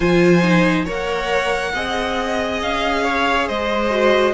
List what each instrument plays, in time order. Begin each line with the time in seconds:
0.00 cello F3, viola F4, violin C5 G#5
0.42 viola D#4
0.85 cello A#3, viola A#4, violin C#5 F#5
1.74 cello C4, viola G#4, violin D#5
2.62 cello C#4, violin F5
3.03 violin C#5
3.47 cello G#3, violin C5 D#5
3.90 viola F#4